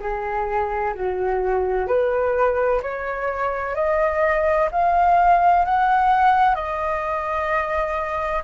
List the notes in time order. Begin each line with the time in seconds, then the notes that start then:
0.00 G#4
0.94 F#4
1.87 B4
2.83 C#5
3.75 D#5
4.72 F5
5.65 F#5
6.55 D#5